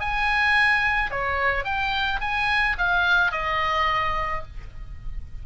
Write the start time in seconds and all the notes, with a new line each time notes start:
0.00 G#5
1.11 C#5
1.65 G5
2.21 G#5
2.78 F5
3.32 D#5